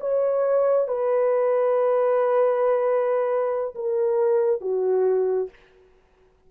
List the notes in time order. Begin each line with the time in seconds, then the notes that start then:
0.00 C#5
0.87 B4
3.75 A#4
4.61 F#4